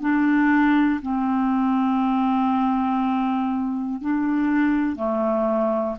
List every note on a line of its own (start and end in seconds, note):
0.00 1.00 D4
1.01 4.00 C4
4.00 4.95 D4
4.95 5.95 A3